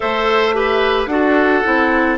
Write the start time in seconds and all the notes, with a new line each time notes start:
0.00 A3 A4 C5 E5
0.53 G4 B4
1.06 D4 F#4 A4 F#5
1.63 C4 E4